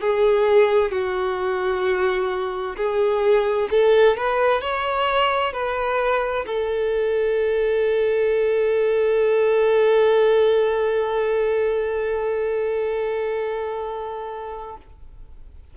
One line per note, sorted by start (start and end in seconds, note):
0.00 0.91 G#4
0.91 2.76 F#4
2.76 3.68 G#4
3.70 4.17 A4
4.17 4.61 B4
4.61 5.53 C#5
5.53 6.45 B4
6.46 14.77 A4